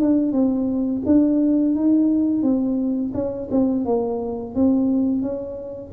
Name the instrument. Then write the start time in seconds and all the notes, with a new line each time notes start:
tuba
0.00 D4
0.33 C4
1.06 D4
1.76 D#4
2.43 C4
3.14 C#4
3.51 C4
3.86 A#3
4.55 C4
5.23 C#4